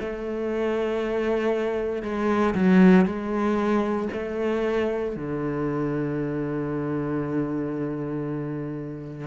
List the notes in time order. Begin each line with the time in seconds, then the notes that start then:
0.00 A3
2.03 G#3
2.55 F#3
3.05 G#3
4.13 A3
5.16 D3